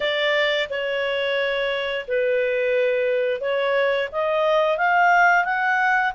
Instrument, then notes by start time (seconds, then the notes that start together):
clarinet
0.00 D5
0.69 C#5
2.07 B4
3.40 C#5
4.12 D#5
4.77 F5
5.44 F#5